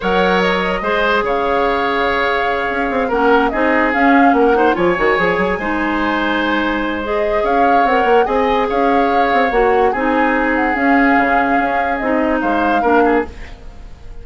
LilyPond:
<<
  \new Staff \with { instrumentName = "flute" } { \time 4/4 \tempo 4 = 145 fis''4 dis''2 f''4~ | f''2.~ f''8 fis''8~ | fis''8 dis''4 f''4 fis''4 gis''8~ | gis''1~ |
gis''4 dis''4 f''4 fis''4 | gis''4 f''2 fis''4 | gis''4. fis''8 f''2~ | f''4 dis''4 f''2 | }
  \new Staff \with { instrumentName = "oboe" } { \time 4/4 cis''2 c''4 cis''4~ | cis''2.~ cis''8 ais'8~ | ais'8 gis'2 ais'8 c''8 cis''8~ | cis''4. c''2~ c''8~ |
c''2 cis''2 | dis''4 cis''2. | gis'1~ | gis'2 c''4 ais'8 gis'8 | }
  \new Staff \with { instrumentName = "clarinet" } { \time 4/4 ais'2 gis'2~ | gis'2.~ gis'8 cis'8~ | cis'8 dis'4 cis'4. dis'8 f'8 | fis'8 gis'4 dis'2~ dis'8~ |
dis'4 gis'2 ais'4 | gis'2. fis'4 | dis'2 cis'2~ | cis'4 dis'2 d'4 | }
  \new Staff \with { instrumentName = "bassoon" } { \time 4/4 fis2 gis4 cis4~ | cis2~ cis8 cis'8 c'8 ais8~ | ais8 c'4 cis'4 ais4 f8 | dis8 f8 fis8 gis2~ gis8~ |
gis2 cis'4 c'8 ais8 | c'4 cis'4. c'8 ais4 | c'2 cis'4 cis4 | cis'4 c'4 gis4 ais4 | }
>>